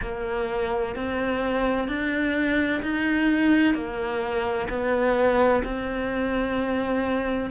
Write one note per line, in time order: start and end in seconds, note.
0.01 0.95 A#3
0.95 1.87 C4
1.87 2.81 D4
2.82 3.74 D#4
3.74 4.67 A#3
4.69 5.62 B3
5.64 7.50 C4